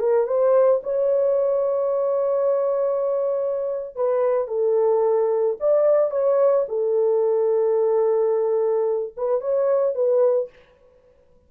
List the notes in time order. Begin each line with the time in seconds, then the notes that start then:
0.00 A#4
0.27 C5
0.83 C#5
3.95 B4
4.48 A4
5.60 D5
6.11 C#5
6.68 A4
9.17 B4
9.41 C#5
9.95 B4